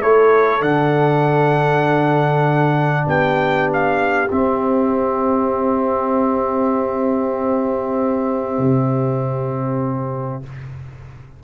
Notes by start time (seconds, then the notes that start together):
0.00 A3 E4 A4 C#5
0.60 D3 D4 F#5
3.06 B3 G4 G5
3.73 F5
4.30 C4 E5
8.58 C3